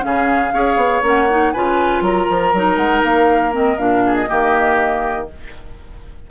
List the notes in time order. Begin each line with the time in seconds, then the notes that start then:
0.00 C#3 C#4 G#4 F5
0.53 C#4 G#4 C#5
0.76 B3
1.02 A#3 C#4 F#5
1.30 D#4
1.52 C#3 F4 B4 G#5
2.01 F#3 A#4 A#5
2.30 F3
2.54 F#3 D#4
2.77 G#3 F#5
3.04 A#3 F5
3.52 C4 D#5
3.78 A#2 D4 F5
4.06 G#4
4.15 D#5
4.28 D#3 A#3 G4